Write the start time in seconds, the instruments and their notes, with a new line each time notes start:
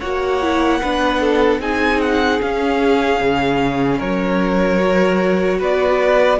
0.00 cello A#3, viola F#4, violin C#5 F#5
0.42 viola E4
0.82 cello B3, viola D4, violin B4
1.21 violin A4
1.60 cello C4, viola D#4, violin G#4 G#5
2.01 violin F#5
2.41 viola C#4, cello C#4, violin F5
3.21 cello C#3
3.98 cello F#3, violin A#4 C#5
4.80 viola F#4
5.59 cello B3, violin B4 D5